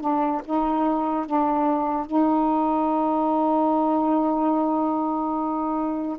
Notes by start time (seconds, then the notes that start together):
0.00 D4
0.44 D#4
1.26 D4
2.06 D#4